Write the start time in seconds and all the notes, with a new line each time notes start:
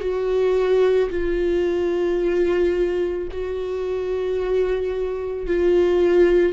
0.00 F#4
1.10 F4
3.31 F#4
5.47 F4